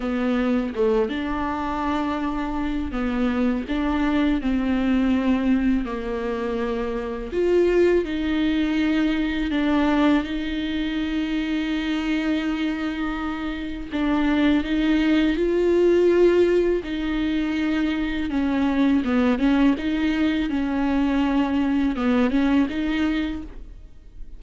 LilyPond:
\new Staff \with { instrumentName = "viola" } { \time 4/4 \tempo 4 = 82 b4 a8 d'2~ d'8 | b4 d'4 c'2 | ais2 f'4 dis'4~ | dis'4 d'4 dis'2~ |
dis'2. d'4 | dis'4 f'2 dis'4~ | dis'4 cis'4 b8 cis'8 dis'4 | cis'2 b8 cis'8 dis'4 | }